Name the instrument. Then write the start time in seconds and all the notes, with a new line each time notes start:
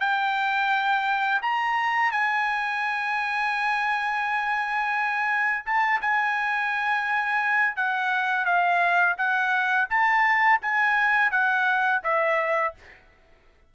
trumpet
0.00 G5
1.42 A#5
2.12 G#5
5.65 A5
6.01 G#5
7.76 F#5
8.45 F5
9.18 F#5
9.90 A5
10.61 G#5
11.31 F#5
12.04 E5